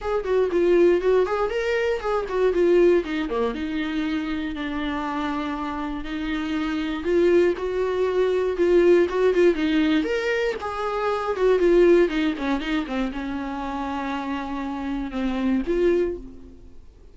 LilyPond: \new Staff \with { instrumentName = "viola" } { \time 4/4 \tempo 4 = 119 gis'8 fis'8 f'4 fis'8 gis'8 ais'4 | gis'8 fis'8 f'4 dis'8 ais8 dis'4~ | dis'4 d'2. | dis'2 f'4 fis'4~ |
fis'4 f'4 fis'8 f'8 dis'4 | ais'4 gis'4. fis'8 f'4 | dis'8 cis'8 dis'8 c'8 cis'2~ | cis'2 c'4 f'4 | }